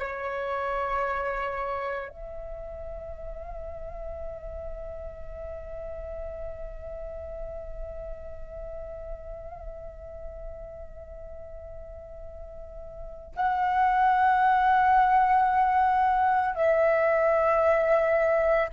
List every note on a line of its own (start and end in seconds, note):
0.00 2.09 C#5
2.09 13.34 E5
13.37 16.55 F#5
16.55 18.70 E5